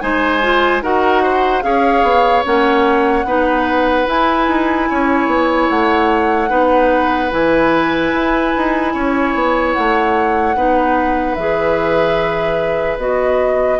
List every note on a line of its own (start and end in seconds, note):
0.00 0.81 G#3
0.00 0.41 D#4
0.00 0.83 C5
0.00 0.81 G#5
0.41 0.82 F4
0.81 1.62 D#4
0.81 1.62 F#4
0.81 1.22 A#4
0.81 1.62 F#5
1.22 1.63 C5
1.62 2.03 C#4
1.62 2.43 G#4
1.62 3.26 C#5
1.62 2.43 F5
2.03 2.43 B3
2.44 3.24 A#3
2.44 3.25 C#4
2.44 4.08 F#5
3.24 4.05 B3
3.24 4.06 D#4
3.24 4.88 B4
4.06 6.48 E4
4.06 4.47 E4
4.06 5.69 G#5
4.47 4.88 D#4
4.89 5.27 C#4
4.89 6.49 C#5
5.27 5.67 B3
5.69 6.50 A3
5.69 7.31 F#5
6.48 7.31 B3
6.48 7.30 D#4
6.48 8.93 B4
7.30 8.12 E3
7.30 10.54 E4
7.30 9.73 G#5
8.13 8.53 E4
8.57 8.94 D#4
8.93 9.34 C#4
8.93 10.56 C#5
9.34 9.75 B3
9.73 10.55 A3
9.73 11.35 F#5
10.55 11.36 B3
10.55 11.37 D#4
10.55 13.79 B4
11.35 12.97 E3
11.35 12.99 G#4
11.35 12.97 E5
12.97 13.78 B3
12.97 13.79 F#4
12.97 13.79 D#5